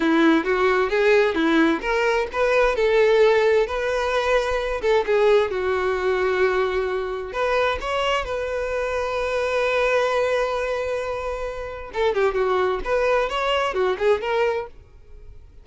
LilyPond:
\new Staff \with { instrumentName = "violin" } { \time 4/4 \tempo 4 = 131 e'4 fis'4 gis'4 e'4 | ais'4 b'4 a'2 | b'2~ b'8 a'8 gis'4 | fis'1 |
b'4 cis''4 b'2~ | b'1~ | b'2 a'8 g'8 fis'4 | b'4 cis''4 fis'8 gis'8 ais'4 | }